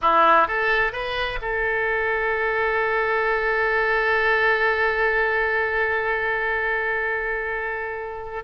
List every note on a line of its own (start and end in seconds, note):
0.01 0.47 E4
0.47 0.92 A4
0.92 1.39 B4
1.41 8.44 A4